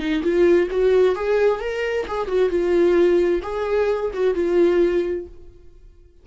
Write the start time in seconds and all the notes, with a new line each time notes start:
0.00 D#4
0.23 F4
0.71 F#4
1.16 G#4
1.61 A#4
2.08 G#4
2.28 F#4
2.50 F4
3.43 G#4
4.14 F#4
4.35 F4